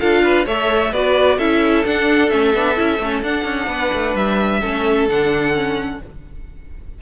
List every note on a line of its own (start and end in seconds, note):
0.00 0.46 D4
0.00 0.47 F4
0.00 0.23 A4
0.00 0.46 F5
0.24 0.47 B4
0.46 0.92 A3
0.46 0.94 A4
0.46 0.93 C#5
0.46 0.94 E5
0.92 1.39 B3
0.92 1.40 F#4
0.92 1.38 B4
0.92 1.39 D5
1.38 1.85 C#4
1.38 1.85 E4
1.38 3.69 A4
1.38 1.85 E5
1.85 2.31 D4
1.85 2.33 D4
1.85 2.30 F#5
2.30 2.55 A3
2.30 2.54 C#4
2.30 3.22 E5
2.55 2.78 B3
2.55 2.76 D4
2.76 2.99 C#4
2.76 2.99 E4
2.99 3.22 A3
2.99 3.25 C#4
3.23 3.45 D4
3.23 4.63 D4
3.23 4.16 F#5
3.45 3.67 C#4
3.67 3.91 B3
3.67 4.61 B4
3.94 4.15 A3
4.15 4.61 G3
4.15 5.09 E5
4.61 5.09 A3
4.61 5.10 C#4
4.61 5.99 A4
5.09 6.01 D3
5.09 5.54 D4
5.09 6.02 F#5
5.54 6.00 C#4